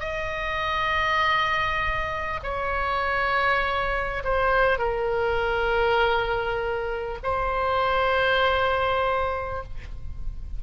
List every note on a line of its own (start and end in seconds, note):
0.00 2.40 D#5
2.43 4.23 C#5
4.24 4.78 C5
4.78 7.18 A#4
7.23 9.63 C5